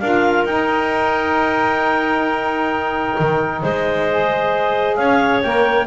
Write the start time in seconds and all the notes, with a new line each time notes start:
0.00 D4 F4 A#4 F5
0.44 D#4 G5
3.20 D#3
3.62 G#3 C5 D#5
4.09 G#4
4.96 C#4 C#5 F5
5.42 A#3 A#4 G5